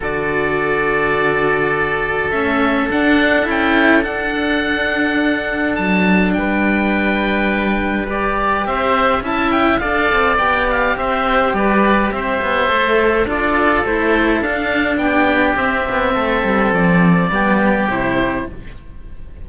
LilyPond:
<<
  \new Staff \with { instrumentName = "oboe" } { \time 4/4 \tempo 4 = 104 d''1 | e''4 fis''4 g''4 fis''4~ | fis''2 a''4 g''4~ | g''2 d''4 e''4 |
a''8 g''8 f''4 g''8 f''8 e''4 | d''4 e''2 d''4 | c''4 f''4 g''4 e''4~ | e''4 d''2 c''4 | }
  \new Staff \with { instrumentName = "oboe" } { \time 4/4 a'1~ | a'1~ | a'2. b'4~ | b'2. c''4 |
e''4 d''2 c''4 | b'4 c''2 a'4~ | a'2 g'2 | a'2 g'2 | }
  \new Staff \with { instrumentName = "cello" } { \time 4/4 fis'1 | cis'4 d'4 e'4 d'4~ | d'1~ | d'2 g'2 |
e'4 a'4 g'2~ | g'2 a'4 f'4 | e'4 d'2 c'4~ | c'2 b4 e'4 | }
  \new Staff \with { instrumentName = "cello" } { \time 4/4 d1 | a4 d'4 cis'4 d'4~ | d'2 fis4 g4~ | g2. c'4 |
cis'4 d'8 c'8 b4 c'4 | g4 c'8 b8 a4 d'4 | a4 d'4 b4 c'8 b8 | a8 g8 f4 g4 c4 | }
>>